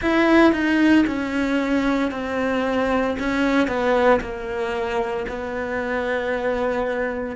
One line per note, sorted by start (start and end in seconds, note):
0.01 0.52 E4
0.52 1.05 D#4
1.06 2.11 C#4
2.11 3.16 C4
3.19 3.67 C#4
3.67 4.20 B3
4.21 5.26 A#3
5.28 7.36 B3